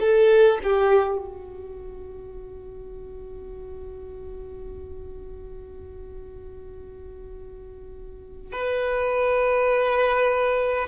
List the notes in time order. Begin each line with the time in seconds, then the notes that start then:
0.00 A4
0.63 G4
1.18 F#4
8.52 B4